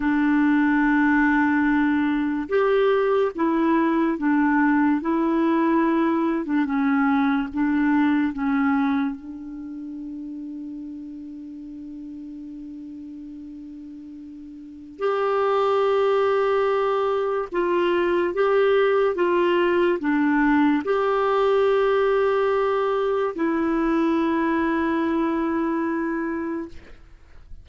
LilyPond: \new Staff \with { instrumentName = "clarinet" } { \time 4/4 \tempo 4 = 72 d'2. g'4 | e'4 d'4 e'4.~ e'16 d'16 | cis'4 d'4 cis'4 d'4~ | d'1~ |
d'2 g'2~ | g'4 f'4 g'4 f'4 | d'4 g'2. | e'1 | }